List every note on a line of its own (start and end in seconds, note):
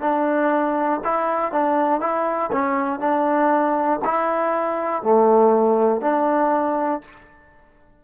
0.00 1.00 D4
1.05 1.52 E4
1.52 2.00 D4
2.00 2.50 E4
2.52 3.00 C#4
3.00 4.00 D4
4.04 5.02 E4
5.02 6.01 A3
6.01 7.01 D4